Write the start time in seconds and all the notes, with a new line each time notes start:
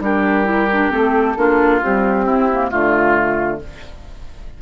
0.00 G3 D4 G4 A#4
0.45 E4
0.73 D4
0.91 A3 C4 A4
1.37 A#3 D4 F4
1.83 G3 C4 G4
2.26 C4 E4
2.52 A#3
2.70 D3 A3 F4